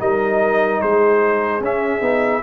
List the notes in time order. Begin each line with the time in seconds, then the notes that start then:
0.00 G3 D#4 A#4 D#5
0.81 G#3 G#4 C5
1.61 C#4 E5
2.01 B3 D#4